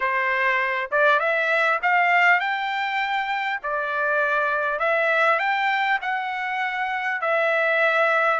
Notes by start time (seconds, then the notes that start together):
0.00 C5
0.91 D5
1.19 E5
1.82 F5
2.40 G5
3.62 D5
4.79 E5
5.39 G5
6.01 F#5
7.21 E5